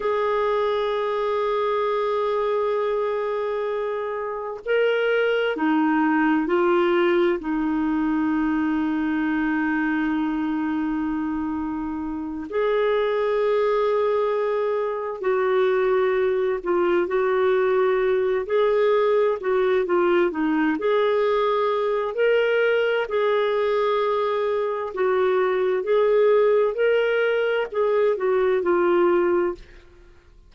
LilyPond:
\new Staff \with { instrumentName = "clarinet" } { \time 4/4 \tempo 4 = 65 gis'1~ | gis'4 ais'4 dis'4 f'4 | dis'1~ | dis'4. gis'2~ gis'8~ |
gis'8 fis'4. f'8 fis'4. | gis'4 fis'8 f'8 dis'8 gis'4. | ais'4 gis'2 fis'4 | gis'4 ais'4 gis'8 fis'8 f'4 | }